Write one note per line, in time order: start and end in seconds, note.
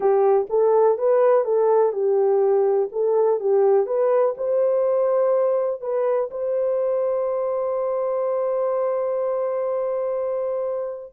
0.00 0.47 G4
0.49 0.98 A4
0.98 1.44 B4
1.44 1.92 A4
1.92 2.89 G4
2.92 3.40 A4
3.40 3.86 G4
3.86 4.34 B4
4.37 5.81 C5
5.81 6.29 B4
6.30 11.13 C5